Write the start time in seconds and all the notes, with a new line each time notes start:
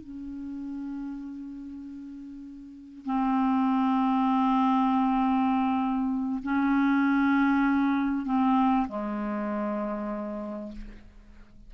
0.00 C#4
3.05 C4
6.43 C#4
8.25 C4
8.88 G#3